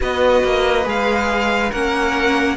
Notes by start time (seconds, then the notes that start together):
0.00 B3 F#4 B4 D#5
0.43 A#3
0.84 G#3 G#4 F5
1.71 A#3 C#4 A#4 F#5